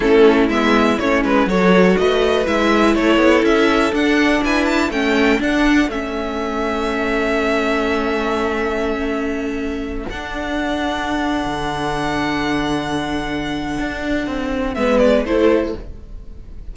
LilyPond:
<<
  \new Staff \with { instrumentName = "violin" } { \time 4/4 \tempo 4 = 122 a'4 e''4 cis''8 b'8 cis''4 | dis''4 e''4 cis''4 e''4 | fis''4 gis''8 a''8 g''4 fis''4 | e''1~ |
e''1~ | e''8 fis''2.~ fis''8~ | fis''1~ | fis''2 e''8 d''8 c''4 | }
  \new Staff \with { instrumentName = "violin" } { \time 4/4 e'2. a'4 | b'2 a'2~ | a'4 b'4 a'2~ | a'1~ |
a'1~ | a'1~ | a'1~ | a'2 b'4 a'4 | }
  \new Staff \with { instrumentName = "viola" } { \time 4/4 cis'4 b4 cis'4 fis'4~ | fis'4 e'2. | d'2 cis'4 d'4 | cis'1~ |
cis'1~ | cis'8 d'2.~ d'8~ | d'1~ | d'2 b4 e'4 | }
  \new Staff \with { instrumentName = "cello" } { \time 4/4 a4 gis4 a8 gis8 fis4 | a4 gis4 a8 b8 cis'4 | d'4 e'4 a4 d'4 | a1~ |
a1~ | a8 d'2~ d'8. d8.~ | d1 | d'4 c'4 gis4 a4 | }
>>